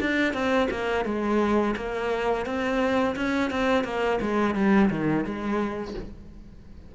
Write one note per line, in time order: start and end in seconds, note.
0.00 0.34 D4
0.34 0.68 C4
0.71 1.05 A#3
1.05 1.75 G#3
1.76 2.46 A#3
2.46 3.16 C4
3.16 3.50 C#4
3.50 3.84 C4
3.84 4.19 A#3
4.21 4.55 G#3
4.55 4.90 G3
4.90 5.25 D#3
5.25 5.94 G#3